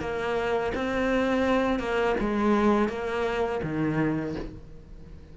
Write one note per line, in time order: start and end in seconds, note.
0.00 0.72 A#3
0.74 1.79 C4
1.79 2.15 A#3
2.20 2.88 G#3
2.88 3.61 A#3
3.63 4.35 D#3